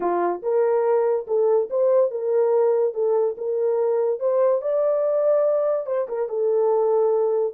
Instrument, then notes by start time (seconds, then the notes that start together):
horn
0.00 F4
0.42 A#4
1.27 A4
1.70 C5
2.10 A#4
2.94 A4
3.37 A#4
4.19 C5
4.61 D5
5.86 C5
6.08 A#4
6.28 A4